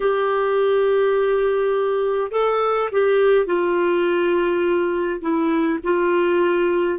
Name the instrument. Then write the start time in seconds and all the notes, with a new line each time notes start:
clarinet
0.00 G4
2.31 A4
2.92 G4
3.46 F4
5.21 E4
5.83 F4